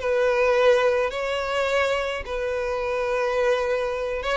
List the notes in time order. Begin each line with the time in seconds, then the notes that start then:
0.00 B4
1.11 C#5
2.26 B4
4.23 C#5